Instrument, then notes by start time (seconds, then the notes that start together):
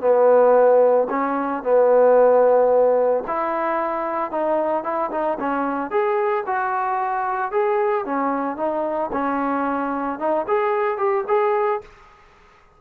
trombone
0.00 B3
1.09 C#4
1.63 B3
3.27 E4
4.31 D#4
4.83 E4
5.11 D#4
5.39 C#4
5.90 G#4
6.46 F#4
7.51 G#4
8.05 C#4
8.56 D#4
9.12 C#4
10.19 D#4
10.47 G#4
10.97 G4
11.27 G#4